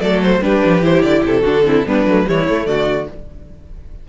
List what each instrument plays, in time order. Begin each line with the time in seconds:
0.00 cello F#3, viola A3, violin A4 D5
0.23 violin C5
0.42 cello G3, viola D4, violin G4 B4
0.65 cello F3
0.81 cello E3, viola E4, violin C5
1.03 cello D3, violin D5
1.24 cello C3, violin A4
1.42 cello D3, viola D4, violin F#4
1.64 viola C4, violin E4
1.86 cello G3, viola B3, violin D4 B4
2.07 cello F#3, viola A3
2.26 cello E3, viola G3, violin E4 C#5
2.47 viola A3, cello A3
2.66 cello D3, violin F#4 D5